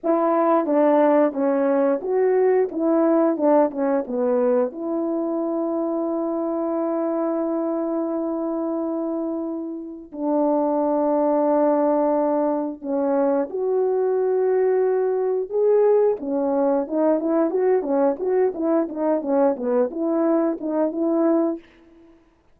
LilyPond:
\new Staff \with { instrumentName = "horn" } { \time 4/4 \tempo 4 = 89 e'4 d'4 cis'4 fis'4 | e'4 d'8 cis'8 b4 e'4~ | e'1~ | e'2. d'4~ |
d'2. cis'4 | fis'2. gis'4 | cis'4 dis'8 e'8 fis'8 cis'8 fis'8 e'8 | dis'8 cis'8 b8 e'4 dis'8 e'4 | }